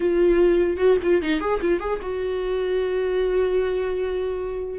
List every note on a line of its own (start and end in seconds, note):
0.00 0.77 F4
0.77 0.97 F#4
1.02 1.22 F4
1.22 1.40 D#4
1.40 1.60 G#4
1.61 1.79 F4
1.79 1.99 G#4
2.01 4.79 F#4